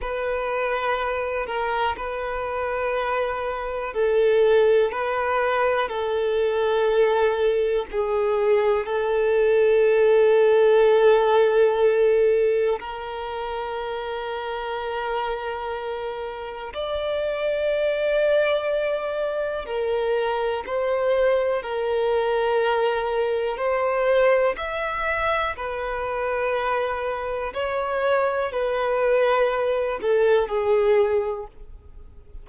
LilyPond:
\new Staff \with { instrumentName = "violin" } { \time 4/4 \tempo 4 = 61 b'4. ais'8 b'2 | a'4 b'4 a'2 | gis'4 a'2.~ | a'4 ais'2.~ |
ais'4 d''2. | ais'4 c''4 ais'2 | c''4 e''4 b'2 | cis''4 b'4. a'8 gis'4 | }